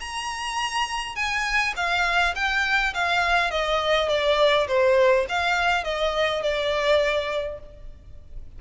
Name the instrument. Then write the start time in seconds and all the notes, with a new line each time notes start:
violin
0.00 A#5
1.15 G#5
1.76 F5
2.35 G5
2.94 F5
3.51 D#5
4.09 D5
4.67 C5
5.29 F5
5.84 D#5
6.42 D5